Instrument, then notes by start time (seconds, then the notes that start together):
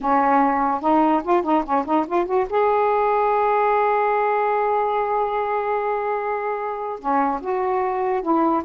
saxophone
0.00 C#4
0.81 D#4
1.23 F4
1.43 D#4
1.64 C#4
1.85 D#4
2.07 F4
2.25 F#4
2.49 G#4
6.99 C#4
7.40 F#4
8.22 E4